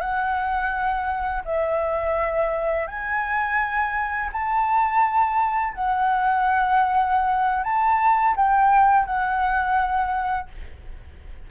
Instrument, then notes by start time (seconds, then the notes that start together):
flute
0.00 F#5
1.45 E5
2.87 G#5
4.32 A5
5.74 F#5
7.63 A5
8.36 G5
9.05 F#5